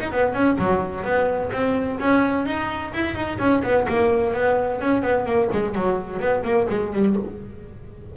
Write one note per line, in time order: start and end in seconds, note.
0.00 0.11 D#4
0.11 0.34 B3
0.34 0.57 C#4
0.58 1.04 F#3
1.04 1.51 B3
1.52 1.99 C4
1.99 2.46 C#4
2.46 2.93 D#4
2.94 3.14 E4
3.14 3.38 D#4
3.39 3.62 C#4
3.63 3.87 B3
3.88 4.34 A#3
4.34 4.80 B3
4.80 5.02 C#4
5.02 5.25 B3
5.25 5.49 A#3
5.52 5.75 G#3
5.75 6.19 F#3
6.19 6.43 B3
6.43 6.67 A#3
6.69 6.92 G#3
6.92 7.16 G3